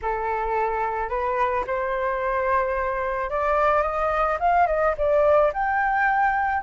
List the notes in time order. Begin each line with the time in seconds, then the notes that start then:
0.02 A4
1.09 B4
1.67 C5
3.30 D5
3.82 D#5
4.39 F5
4.66 D#5
4.97 D5
5.53 G5